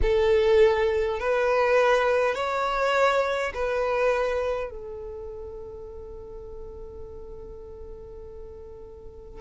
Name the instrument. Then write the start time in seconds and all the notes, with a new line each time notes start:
violin
0.02 A4
1.19 B4
2.35 C#5
3.53 B4
4.70 A4